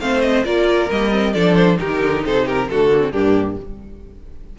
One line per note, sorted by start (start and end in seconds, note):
0.00 0.45 A3
0.00 0.44 C4
0.00 0.46 C5
0.00 0.21 F5
0.21 0.44 D#5
0.44 0.90 A#3
0.44 0.89 F4
0.44 1.33 A#4
0.44 0.90 D5
0.90 1.35 G3
0.90 1.11 A#3
0.90 1.34 D#5
1.11 1.33 C4
1.33 1.79 F3
1.33 1.77 D4
1.33 1.78 A4
1.33 1.55 D5
1.55 1.78 C5
1.77 2.01 D#3
1.77 2.67 D#4
1.77 2.25 G4
1.77 2.25 A#4
2.01 2.24 D3
2.25 2.70 C3
2.25 2.46 A4
2.25 2.48 C5
2.46 2.68 G4
2.46 2.70 A#4
2.69 3.12 D3
2.69 2.91 A3
2.69 3.12 F#4
2.69 3.12 A4
2.91 3.00 A#3
3.00 3.11 C4
3.12 3.57 G2
3.12 3.59 A#3
3.12 3.57 D4
3.12 3.57 G4